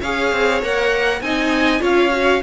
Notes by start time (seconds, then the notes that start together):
0.00 C#4 G#4 C#5 F5
0.32 C4
0.62 A#3 A#4 F#5
1.21 C4 D#4 D#5 G#5
1.80 C#4 F4 C#5 F5
2.11 F#4